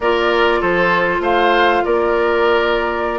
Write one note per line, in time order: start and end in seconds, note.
0.00 0.61 A#3
0.00 3.18 F4
0.00 0.60 A#4
0.00 0.61 D5
0.60 1.20 F3
0.60 1.21 A4
0.60 1.23 C5
1.20 1.81 A3
1.20 1.83 C5
1.20 1.84 F5
1.84 3.18 A#3
1.84 3.18 A#4
1.84 3.18 D5